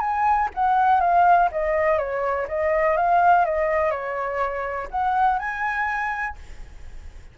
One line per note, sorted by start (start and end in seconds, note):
0.00 0.49 G#5
0.54 1.00 F#5
1.00 1.49 F5
1.51 1.98 D#5
1.98 2.47 C#5
2.48 2.96 D#5
2.96 3.45 F5
3.45 3.90 D#5
3.90 4.88 C#5
4.90 5.39 F#5
5.39 6.36 G#5